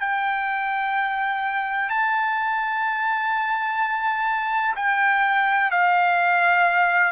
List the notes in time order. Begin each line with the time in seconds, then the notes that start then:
0.00 G5
1.90 A5
4.76 G5
5.71 F5